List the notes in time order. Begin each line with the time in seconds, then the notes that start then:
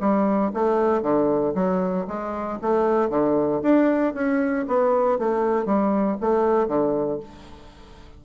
0.00 G3
0.53 A3
1.02 D3
1.54 F#3
2.07 G#3
2.61 A3
3.09 D3
3.62 D4
4.14 C#4
4.67 B3
5.18 A3
5.65 G3
6.20 A3
6.67 D3